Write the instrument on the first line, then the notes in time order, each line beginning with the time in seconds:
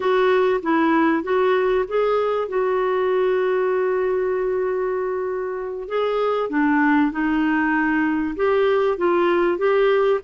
clarinet
0.00 F#4
0.62 E4
1.23 F#4
1.88 G#4
2.48 F#4
5.88 G#4
6.49 D4
7.11 D#4
8.36 G4
8.97 F4
9.58 G4